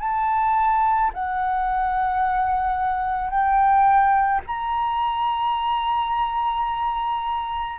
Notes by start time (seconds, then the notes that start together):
0.00 A5
1.14 F#5
3.30 G5
4.46 A#5